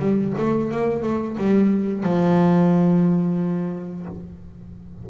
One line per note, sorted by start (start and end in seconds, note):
0.00 0.34 G3
0.38 0.72 A3
0.72 1.03 A#3
1.03 1.37 A3
1.38 2.04 G3
2.04 4.06 F3